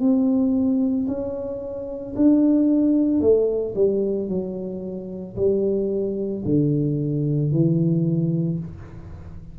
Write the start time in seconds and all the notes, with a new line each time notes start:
0.00 C4
1.08 C#4
2.16 D4
3.21 A3
3.75 G3
4.29 F#3
5.37 G3
6.45 D3
7.52 E3